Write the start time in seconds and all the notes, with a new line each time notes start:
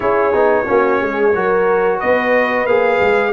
0.00 C#4 E4 G#4 C#5
0.33 B3 D#4
0.65 A#3 C#4 F#4
1.01 G#3 G#4
1.34 F#3 F#4 A#4
1.98 B3 B4 D#5
2.65 A#3 G#4 F5
3.00 G#3